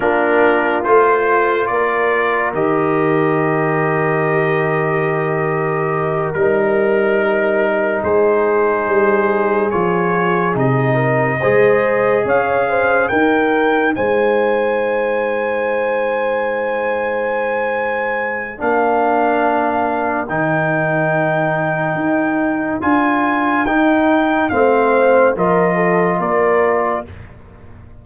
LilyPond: <<
  \new Staff \with { instrumentName = "trumpet" } { \time 4/4 \tempo 4 = 71 ais'4 c''4 d''4 dis''4~ | dis''2.~ dis''8 ais'8~ | ais'4. c''2 cis''8~ | cis''8 dis''2 f''4 g''8~ |
g''8 gis''2.~ gis''8~ | gis''2 f''2 | g''2. gis''4 | g''4 f''4 dis''4 d''4 | }
  \new Staff \with { instrumentName = "horn" } { \time 4/4 f'2 ais'2~ | ais'1~ | ais'4. gis'2~ gis'8~ | gis'4 ais'8 c''4 cis''8 c''8 ais'8~ |
ais'8 c''2.~ c''8~ | c''2 ais'2~ | ais'1~ | ais'4 c''4 ais'8 a'8 ais'4 | }
  \new Staff \with { instrumentName = "trombone" } { \time 4/4 d'4 f'2 g'4~ | g'2.~ g'8 dis'8~ | dis'2.~ dis'8 f'8~ | f'8 dis'4 gis'2 dis'8~ |
dis'1~ | dis'2 d'2 | dis'2. f'4 | dis'4 c'4 f'2 | }
  \new Staff \with { instrumentName = "tuba" } { \time 4/4 ais4 a4 ais4 dis4~ | dis2.~ dis8 g8~ | g4. gis4 g4 f8~ | f8 c4 gis4 cis'4 dis'8~ |
dis'8 gis2.~ gis8~ | gis2 ais2 | dis2 dis'4 d'4 | dis'4 a4 f4 ais4 | }
>>